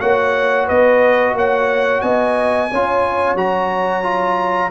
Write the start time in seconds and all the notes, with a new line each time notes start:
0.00 A#3 F#4 C#5 F#5
0.66 B3 B4 D#5
1.34 A#3 C#5 F#5
2.01 B3 D#5 G#5
2.71 C#4 F4 C#5
3.35 F#3 F#4 A#5
4.03 F4